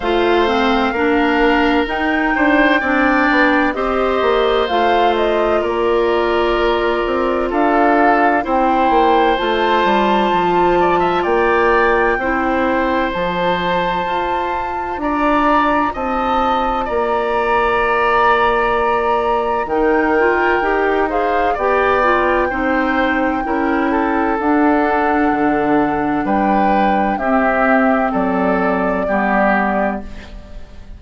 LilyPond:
<<
  \new Staff \with { instrumentName = "flute" } { \time 4/4 \tempo 4 = 64 f''2 g''2 | dis''4 f''8 dis''8 d''2 | f''4 g''4 a''2 | g''2 a''2 |
ais''4 a''4 ais''2~ | ais''4 g''4. f''8 g''4~ | g''2 fis''2 | g''4 e''4 d''2 | }
  \new Staff \with { instrumentName = "oboe" } { \time 4/4 c''4 ais'4. c''8 d''4 | c''2 ais'2 | a'4 c''2~ c''8 d''16 e''16 | d''4 c''2. |
d''4 dis''4 d''2~ | d''4 ais'4. c''8 d''4 | c''4 ais'8 a'2~ a'8 | b'4 g'4 a'4 g'4 | }
  \new Staff \with { instrumentName = "clarinet" } { \time 4/4 f'8 c'8 d'4 dis'4 d'4 | g'4 f'2.~ | f'4 e'4 f'2~ | f'4 e'4 f'2~ |
f'1~ | f'4 dis'8 f'8 g'8 gis'8 g'8 f'8 | dis'4 e'4 d'2~ | d'4 c'2 b4 | }
  \new Staff \with { instrumentName = "bassoon" } { \time 4/4 a4 ais4 dis'8 d'8 c'8 b8 | c'8 ais8 a4 ais4. c'8 | d'4 c'8 ais8 a8 g8 f4 | ais4 c'4 f4 f'4 |
d'4 c'4 ais2~ | ais4 dis4 dis'4 b4 | c'4 cis'4 d'4 d4 | g4 c'4 fis4 g4 | }
>>